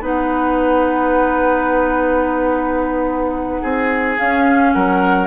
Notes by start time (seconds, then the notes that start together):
0.00 B3 D#4 B4 F#5
3.61 C4 G#4
4.17 C#4 F5
4.73 F#3 A#4 F#5